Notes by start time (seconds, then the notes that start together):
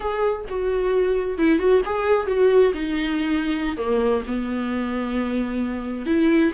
0.00 G#4
0.48 F#4
1.38 E4
1.58 F#4
1.85 G#4
2.27 F#4
2.73 D#4
3.77 A#3
4.26 B3
6.06 E4